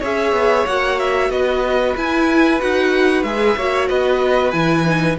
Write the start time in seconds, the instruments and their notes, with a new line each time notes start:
0.00 cello C#4, viola G#4, violin C#5 E5
0.32 cello B3
0.66 cello A#3, viola F#4, violin F#5
0.99 violin E5
1.29 cello B3, violin B4 D#5
1.96 cello E4, viola E4, violin G#5
2.59 cello D#4, viola F#4, violin F#5
3.23 cello G#3, viola G#4, violin E5
3.56 cello A#3, viola F#4, violin C#5
3.88 cello B3, violin B4 D#5
4.51 cello E3, viola E4, violin G#5
4.85 viola D#4